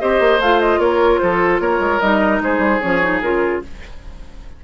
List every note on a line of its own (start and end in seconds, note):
0.00 0.20 C4
0.00 0.40 G4
0.00 0.80 C5
0.00 0.40 D#5
0.20 0.39 A#3
0.39 0.78 A3
0.39 2.02 F4
0.39 0.60 F5
0.60 0.80 D#5
0.78 1.18 A#3
0.78 1.20 A#4
0.78 1.19 C#5
1.19 1.60 F3
1.19 1.62 A4
1.19 1.59 C5
1.60 1.79 A#3
1.60 2.42 A#4
1.60 2.00 C#5
1.79 1.99 G#3
2.00 2.41 G3
2.00 2.81 D#4
2.00 2.41 D#5
2.41 2.58 G#3
2.41 3.64 G#4
2.41 2.81 C5
2.58 2.79 G3
2.81 3.22 F3
2.81 3.01 C#4
2.81 3.21 C#5
3.02 3.22 D#4
3.22 3.62 C#3
3.22 3.63 F4
3.22 3.62 A#4